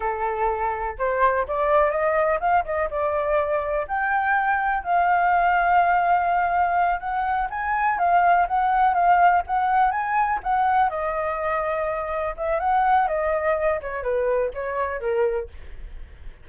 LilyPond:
\new Staff \with { instrumentName = "flute" } { \time 4/4 \tempo 4 = 124 a'2 c''4 d''4 | dis''4 f''8 dis''8 d''2 | g''2 f''2~ | f''2~ f''8 fis''4 gis''8~ |
gis''8 f''4 fis''4 f''4 fis''8~ | fis''8 gis''4 fis''4 dis''4.~ | dis''4. e''8 fis''4 dis''4~ | dis''8 cis''8 b'4 cis''4 ais'4 | }